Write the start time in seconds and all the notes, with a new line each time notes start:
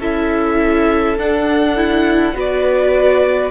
0.00 C#4 E4 A4 E5
1.18 D4 F#5
1.77 E4
2.34 B3 F#4 B4
2.40 D5